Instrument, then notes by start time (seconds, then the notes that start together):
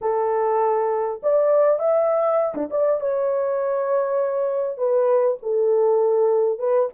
horn
0.01 A4
1.22 D5
1.79 E5
2.54 D4
2.70 D5
3.00 C#5
4.77 B4
5.42 A4
6.58 B4